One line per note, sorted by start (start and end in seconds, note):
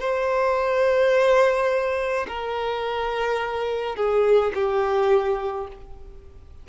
0.00 2.26 C5
2.28 3.96 A#4
3.96 4.52 G#4
4.54 5.68 G4